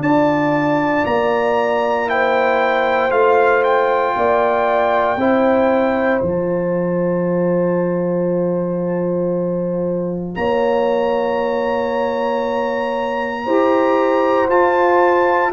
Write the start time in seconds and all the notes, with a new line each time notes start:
0.00 D4 F4 D5 A5
1.06 A#3 A#5
2.06 E4 C5 G5
3.10 A3 F4 F5
3.63 G5
4.16 A#3 D5
5.16 C4 E4 C5
6.22 F3 F4 A5
10.35 A#3 C#5 A#5
13.45 E4 G4 C5
14.49 F4 A5